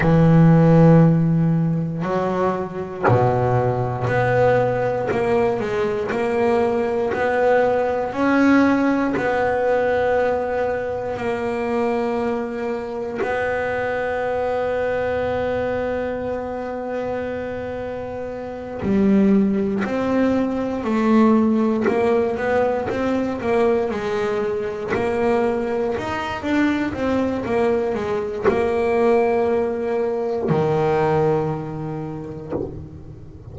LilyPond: \new Staff \with { instrumentName = "double bass" } { \time 4/4 \tempo 4 = 59 e2 fis4 b,4 | b4 ais8 gis8 ais4 b4 | cis'4 b2 ais4~ | ais4 b2.~ |
b2~ b8 g4 c'8~ | c'8 a4 ais8 b8 c'8 ais8 gis8~ | gis8 ais4 dis'8 d'8 c'8 ais8 gis8 | ais2 dis2 | }